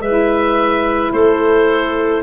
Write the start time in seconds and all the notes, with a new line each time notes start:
0.00 G#3 E4 B4 E5
1.12 A3 A4 C5